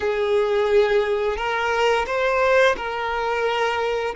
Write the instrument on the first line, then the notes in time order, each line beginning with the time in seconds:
violin
0.00 G#4
1.36 A#4
2.06 C5
2.76 A#4